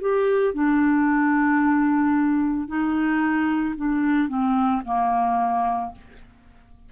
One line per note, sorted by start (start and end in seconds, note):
0.00 0.54 G4
0.54 2.67 D4
2.67 3.75 D#4
3.76 4.28 D4
4.28 4.82 C4
4.85 5.92 A#3